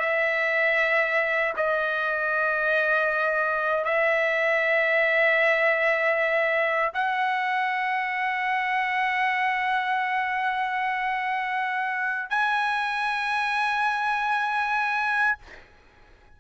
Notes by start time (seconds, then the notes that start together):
0.00 E5
1.56 D#5
3.84 E5
6.94 F#5
12.30 G#5